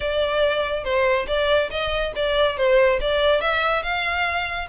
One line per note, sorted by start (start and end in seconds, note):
0.00 0.83 D5
0.83 1.26 C5
1.27 1.69 D5
1.70 2.12 D#5
2.15 2.57 D5
2.57 2.99 C5
3.01 3.41 D5
3.41 3.82 E5
3.82 4.68 F5